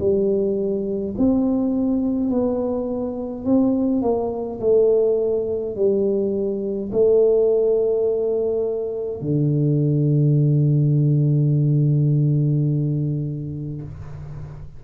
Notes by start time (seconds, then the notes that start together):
0.00 G3
1.18 C4
2.30 B3
3.46 C4
4.02 A#3
4.61 A3
5.76 G3
6.92 A3
9.22 D3